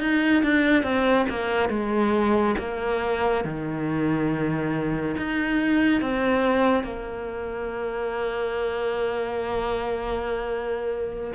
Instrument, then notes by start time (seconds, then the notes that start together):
cello
0.00 D#4
0.43 D4
0.83 C4
1.29 A#3
1.69 G#3
2.58 A#3
3.44 D#3
5.17 D#4
6.01 C4
6.83 A#3